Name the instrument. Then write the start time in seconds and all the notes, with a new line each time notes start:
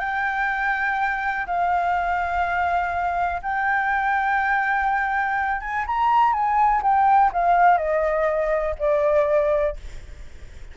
flute
0.00 G5
1.46 F5
3.43 G5
5.61 G#5
5.87 A#5
6.33 G#5
6.83 G5
7.33 F5
7.78 D#5
8.79 D5